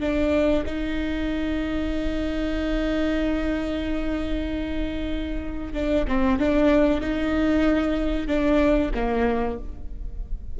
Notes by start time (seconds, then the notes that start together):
0.00 D4
0.66 D#4
5.73 D4
6.08 C4
6.39 D4
7.01 D#4
8.27 D4
8.94 A#3